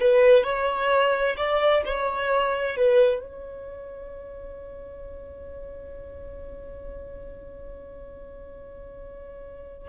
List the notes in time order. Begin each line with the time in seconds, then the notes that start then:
0.00 B4
0.44 C#5
1.37 D5
1.85 C#5
2.77 B4
3.21 C#5